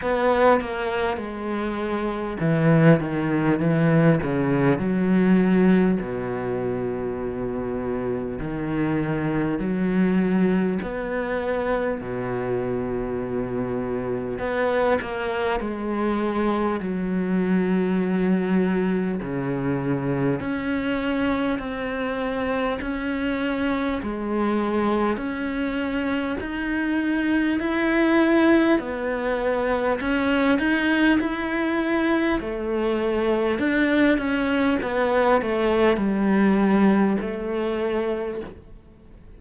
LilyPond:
\new Staff \with { instrumentName = "cello" } { \time 4/4 \tempo 4 = 50 b8 ais8 gis4 e8 dis8 e8 cis8 | fis4 b,2 dis4 | fis4 b4 b,2 | b8 ais8 gis4 fis2 |
cis4 cis'4 c'4 cis'4 | gis4 cis'4 dis'4 e'4 | b4 cis'8 dis'8 e'4 a4 | d'8 cis'8 b8 a8 g4 a4 | }